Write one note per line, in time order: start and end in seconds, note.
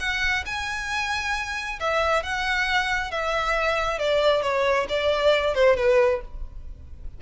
0.00 0.44 F#5
0.46 1.80 G#5
1.80 2.23 E5
2.23 3.11 F#5
3.11 3.99 E5
3.99 4.42 D5
4.42 4.87 C#5
4.89 5.55 D5
5.55 5.77 C5
5.77 6.21 B4